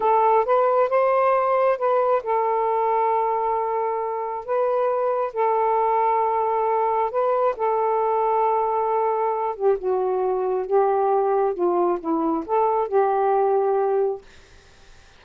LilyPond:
\new Staff \with { instrumentName = "saxophone" } { \time 4/4 \tempo 4 = 135 a'4 b'4 c''2 | b'4 a'2.~ | a'2 b'2 | a'1 |
b'4 a'2.~ | a'4. g'8 fis'2 | g'2 f'4 e'4 | a'4 g'2. | }